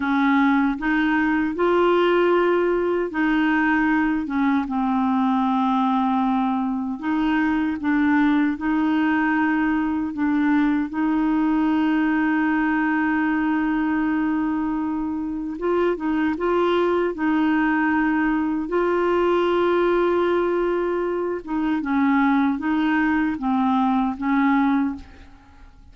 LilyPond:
\new Staff \with { instrumentName = "clarinet" } { \time 4/4 \tempo 4 = 77 cis'4 dis'4 f'2 | dis'4. cis'8 c'2~ | c'4 dis'4 d'4 dis'4~ | dis'4 d'4 dis'2~ |
dis'1 | f'8 dis'8 f'4 dis'2 | f'2.~ f'8 dis'8 | cis'4 dis'4 c'4 cis'4 | }